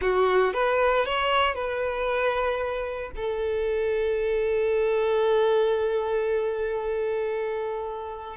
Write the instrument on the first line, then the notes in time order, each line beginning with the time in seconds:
violin
0.01 F#4
0.53 B4
1.05 C#5
1.54 B4
3.16 A4